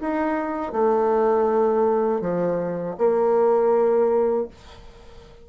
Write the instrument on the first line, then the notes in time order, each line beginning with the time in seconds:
bassoon
0.00 D#4
0.72 A3
2.21 F3
2.98 A#3